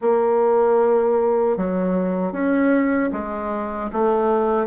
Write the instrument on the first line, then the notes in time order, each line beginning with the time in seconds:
bassoon
0.01 A#3
1.57 F#3
2.32 C#4
3.12 G#3
3.92 A3